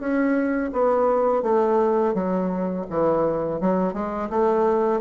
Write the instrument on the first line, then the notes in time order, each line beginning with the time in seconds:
bassoon
0.00 C#4
0.73 B3
1.43 A3
2.15 F#3
2.91 E3
3.61 F#3
3.94 G#3
4.30 A3